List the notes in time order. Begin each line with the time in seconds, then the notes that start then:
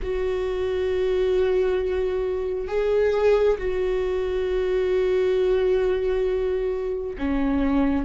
0.02 F#4
2.68 G#4
3.58 F#4
7.18 C#4